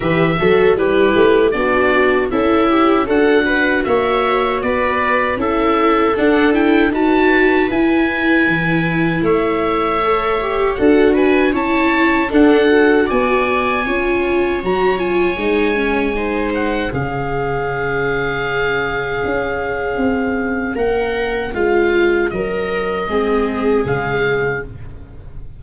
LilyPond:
<<
  \new Staff \with { instrumentName = "oboe" } { \time 4/4 \tempo 4 = 78 e''4 b'4 d''4 e''4 | fis''4 e''4 d''4 e''4 | fis''8 g''8 a''4 gis''2 | e''2 fis''8 gis''8 a''4 |
fis''4 gis''2 ais''8 gis''8~ | gis''4. fis''8 f''2~ | f''2. fis''4 | f''4 dis''2 f''4 | }
  \new Staff \with { instrumentName = "viola" } { \time 4/4 b'8 a'8 g'4 fis'4 e'4 | a'8 b'8 cis''4 b'4 a'4~ | a'4 b'2. | cis''2 a'8 b'8 cis''4 |
a'4 d''4 cis''2~ | cis''4 c''4 gis'2~ | gis'2. ais'4 | f'4 ais'4 gis'2 | }
  \new Staff \with { instrumentName = "viola" } { \time 4/4 g'8 fis'8 e'4 d'4 a'8 g'8 | fis'2. e'4 | d'8 e'8 fis'4 e'2~ | e'4 a'8 g'8 fis'4 e'4 |
d'8 fis'4. f'4 fis'8 f'8 | dis'8 cis'8 dis'4 cis'2~ | cis'1~ | cis'2 c'4 gis4 | }
  \new Staff \with { instrumentName = "tuba" } { \time 4/4 e8 fis8 g8 a8 b4 cis'4 | d'4 ais4 b4 cis'4 | d'4 dis'4 e'4 e4 | a2 d'4 cis'4 |
d'4 b4 cis'4 fis4 | gis2 cis2~ | cis4 cis'4 c'4 ais4 | gis4 fis4 gis4 cis4 | }
>>